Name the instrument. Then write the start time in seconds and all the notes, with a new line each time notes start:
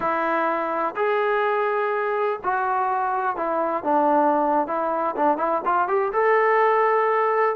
trombone
0.00 E4
0.95 G#4
2.43 F#4
3.36 E4
3.83 D4
4.67 E4
5.16 D4
5.37 E4
5.65 F4
5.88 G4
6.12 A4